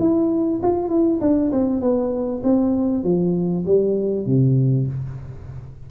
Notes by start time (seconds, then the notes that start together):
0.00 E4
0.63 F4
0.89 E4
1.21 D4
1.52 C4
1.81 B3
2.44 C4
3.04 F3
3.66 G3
4.27 C3